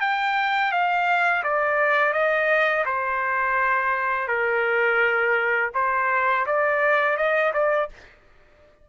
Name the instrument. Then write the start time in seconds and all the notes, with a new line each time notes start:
trumpet
0.00 G5
0.71 F5
1.43 D5
2.13 D#5
2.85 C5
4.28 A#4
5.74 C5
6.46 D5
7.17 D#5
7.53 D5